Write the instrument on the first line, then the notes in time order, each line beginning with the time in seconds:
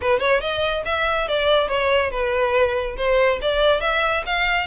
violin
0.01 B4
0.19 C#5
0.40 D#5
0.85 E5
1.28 D5
1.68 C#5
2.10 B4
2.97 C5
3.41 D5
3.80 E5
4.26 F5